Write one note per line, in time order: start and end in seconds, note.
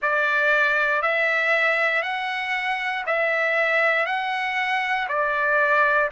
0.01 1.02 D5
1.02 2.02 E5
2.02 3.04 F#5
3.06 4.05 E5
4.05 5.07 F#5
5.08 6.10 D5